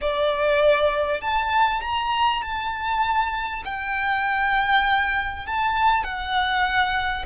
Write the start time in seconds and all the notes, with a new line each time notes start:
0.01 D5
1.21 A5
1.81 A#5
2.42 A5
3.64 G5
5.46 A5
6.03 F#5